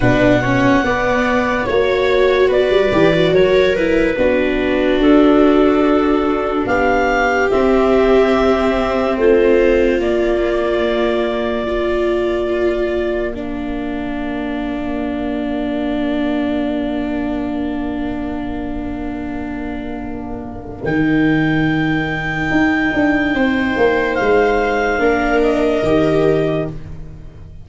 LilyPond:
<<
  \new Staff \with { instrumentName = "clarinet" } { \time 4/4 \tempo 4 = 72 fis''2 cis''4 d''4 | cis''8 b'4. a'2 | f''4 e''2 c''4 | d''1 |
f''1~ | f''1~ | f''4 g''2.~ | g''4 f''4. dis''4. | }
  \new Staff \with { instrumentName = "viola" } { \time 4/4 b'8 cis''8 d''4 cis''4 b'4 | ais'4 fis'2. | g'2. f'4~ | f'2 ais'2~ |
ais'1~ | ais'1~ | ais'1 | c''2 ais'2 | }
  \new Staff \with { instrumentName = "viola" } { \time 4/4 d'8 cis'8 b4 fis'4. g'16 fis'16~ | fis'8 e'8 d'2.~ | d'4 c'2. | ais2 f'2 |
d'1~ | d'1~ | d'4 dis'2.~ | dis'2 d'4 g'4 | }
  \new Staff \with { instrumentName = "tuba" } { \time 4/4 b,4 b4 ais4 b16 g16 e8 | fis4 b4 d'2 | b4 c'2 a4 | ais1~ |
ais1~ | ais1~ | ais4 dis2 dis'8 d'8 | c'8 ais8 gis4 ais4 dis4 | }
>>